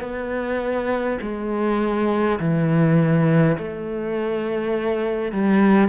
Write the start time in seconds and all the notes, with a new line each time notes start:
0.00 B3
1.21 G#3
2.39 E3
3.57 A3
5.32 G3